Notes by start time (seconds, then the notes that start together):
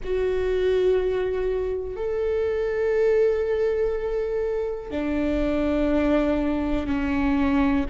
0.03 F#4
1.96 A4
4.90 D4
6.86 C#4